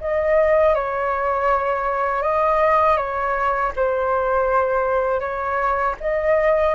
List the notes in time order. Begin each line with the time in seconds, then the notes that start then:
0.00 D#5
0.74 C#5
2.22 D#5
2.97 C#5
3.76 C5
5.20 C#5
6.00 D#5